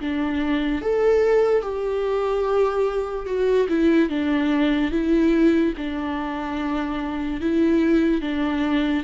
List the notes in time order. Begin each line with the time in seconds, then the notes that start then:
0.00 D4
0.81 A4
1.62 G4
3.26 F#4
3.69 E4
4.09 D4
4.91 E4
5.77 D4
7.40 E4
8.21 D4